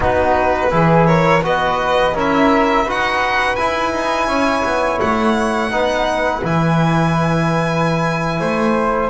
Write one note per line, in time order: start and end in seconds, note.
0.00 0.71 B3
0.00 0.71 D#4
0.00 0.71 F#4
0.00 1.06 B4
0.71 1.42 E3
0.71 1.42 E4
0.71 1.07 G#4
1.06 1.43 A#4
1.06 1.42 C#5
1.42 2.13 B3
1.42 2.14 F#4
1.42 2.15 B4
1.42 2.16 D#5
2.13 2.85 C#4
2.13 2.86 E4
2.13 2.84 A#4
2.13 2.90 E5
2.84 3.56 D#4
2.84 3.57 F#4
2.84 4.27 B4
2.84 3.55 F#5
3.55 5.70 E4
3.55 3.92 E4
3.55 4.98 G#5
3.92 4.27 D#4
4.27 4.62 C#4
4.27 5.71 C#5
4.64 4.99 B3
5.01 5.70 A3
5.01 6.43 F#5
5.70 6.42 B3
5.70 6.42 D#4
5.70 8.40 B4
6.43 8.40 E3
6.43 9.09 E4
6.43 9.09 G#5
8.40 9.09 A3
8.40 9.09 C5